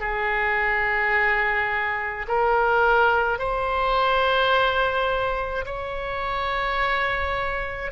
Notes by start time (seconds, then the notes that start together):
0.00 G#4
2.28 A#4
3.39 C5
5.66 C#5